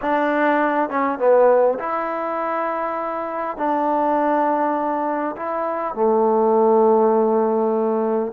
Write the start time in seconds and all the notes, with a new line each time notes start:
0.01 D4
0.89 C#4
1.19 B3
1.79 E4
3.57 D4
5.36 E4
5.94 A3